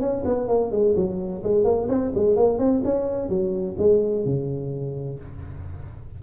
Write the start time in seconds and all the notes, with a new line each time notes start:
0.00 C#4
0.25 B3
0.48 A#3
0.71 G#3
0.96 F#3
1.43 G#3
1.64 A#3
1.88 C4
2.15 G#3
2.36 A#3
2.58 C4
2.84 C#4
3.29 F#3
3.78 G#3
4.25 C#3